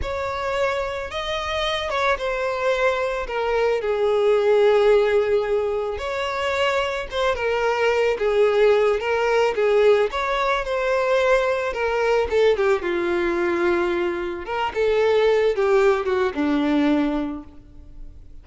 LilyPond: \new Staff \with { instrumentName = "violin" } { \time 4/4 \tempo 4 = 110 cis''2 dis''4. cis''8 | c''2 ais'4 gis'4~ | gis'2. cis''4~ | cis''4 c''8 ais'4. gis'4~ |
gis'8 ais'4 gis'4 cis''4 c''8~ | c''4. ais'4 a'8 g'8 f'8~ | f'2~ f'8 ais'8 a'4~ | a'8 g'4 fis'8 d'2 | }